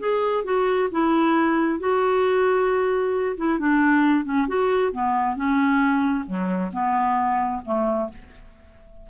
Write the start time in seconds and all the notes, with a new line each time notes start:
0.00 G#4
0.45 F#4
0.92 E4
1.80 F#4
3.37 E4
3.59 D4
4.25 C#4
4.48 F#4
4.93 B3
5.36 C#4
6.27 F#3
6.73 B3
7.65 A3